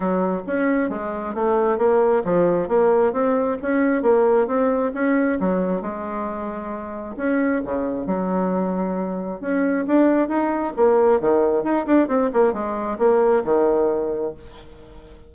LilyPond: \new Staff \with { instrumentName = "bassoon" } { \time 4/4 \tempo 4 = 134 fis4 cis'4 gis4 a4 | ais4 f4 ais4 c'4 | cis'4 ais4 c'4 cis'4 | fis4 gis2. |
cis'4 cis4 fis2~ | fis4 cis'4 d'4 dis'4 | ais4 dis4 dis'8 d'8 c'8 ais8 | gis4 ais4 dis2 | }